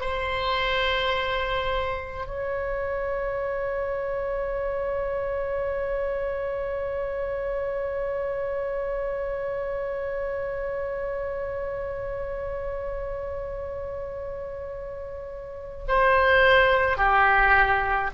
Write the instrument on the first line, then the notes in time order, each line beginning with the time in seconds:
oboe
0.00 C5
2.26 C#5
15.88 C5
16.97 G4